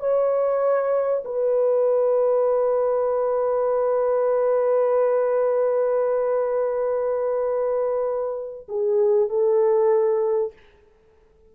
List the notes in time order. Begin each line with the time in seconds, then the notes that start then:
0.00 C#5
1.25 B4
8.69 G#4
9.29 A4